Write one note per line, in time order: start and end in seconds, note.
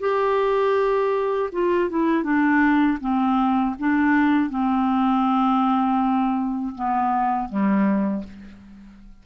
0.00 1.50 G4
1.52 1.90 F4
1.90 2.24 E4
2.24 2.99 D4
3.01 3.76 C4
3.79 4.50 D4
4.50 6.75 C4
6.75 7.49 B3
7.49 8.24 G3